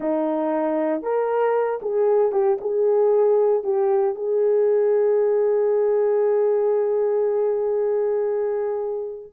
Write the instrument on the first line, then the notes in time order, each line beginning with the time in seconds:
horn
0.00 D#4
1.02 A#4
1.82 G#4
2.32 G4
2.60 G#4
3.63 G4
4.15 G#4